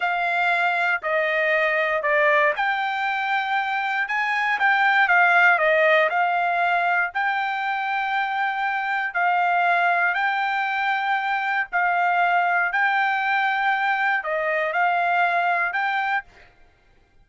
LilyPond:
\new Staff \with { instrumentName = "trumpet" } { \time 4/4 \tempo 4 = 118 f''2 dis''2 | d''4 g''2. | gis''4 g''4 f''4 dis''4 | f''2 g''2~ |
g''2 f''2 | g''2. f''4~ | f''4 g''2. | dis''4 f''2 g''4 | }